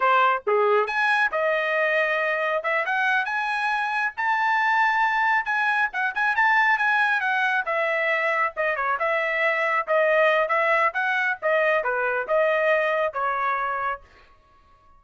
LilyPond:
\new Staff \with { instrumentName = "trumpet" } { \time 4/4 \tempo 4 = 137 c''4 gis'4 gis''4 dis''4~ | dis''2 e''8 fis''4 gis''8~ | gis''4. a''2~ a''8~ | a''8 gis''4 fis''8 gis''8 a''4 gis''8~ |
gis''8 fis''4 e''2 dis''8 | cis''8 e''2 dis''4. | e''4 fis''4 dis''4 b'4 | dis''2 cis''2 | }